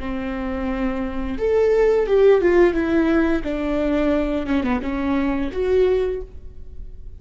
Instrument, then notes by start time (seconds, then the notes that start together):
viola
0.00 C4
1.38 A4
2.07 G4
2.41 F4
2.74 E4
3.44 D4
4.47 C#4
4.64 B3
4.82 C#4
5.52 F#4